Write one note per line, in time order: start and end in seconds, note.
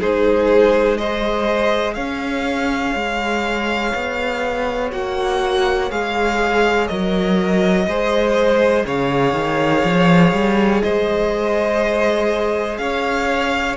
0.00 1.97 G#3
0.00 0.99 D#4
0.00 0.98 G#4
0.00 0.98 C5
0.98 4.92 G#4
0.98 1.95 C5
0.98 1.94 D#5
1.94 2.95 C#4
1.94 7.86 C#5
1.94 4.90 F5
2.95 3.93 G#3
3.95 4.93 B3
4.92 5.91 A#3
4.92 5.90 F#4
4.92 5.91 F#5
5.91 6.90 G#3
5.91 6.89 G#4
5.91 6.88 F5
6.88 7.87 F#3
6.88 7.87 A#4
6.88 8.84 D#5
7.87 8.85 G#3
7.87 13.77 G#4
7.87 8.86 C5
8.86 9.34 C#3
8.86 10.83 C#5
8.86 10.83 F5
9.34 9.83 D#3
9.84 10.33 F3
10.33 10.82 G3
10.83 12.78 G#3
10.83 12.80 C5
10.83 12.78 D#5
12.78 13.77 C#4
12.78 13.77 C#5
12.78 13.76 F5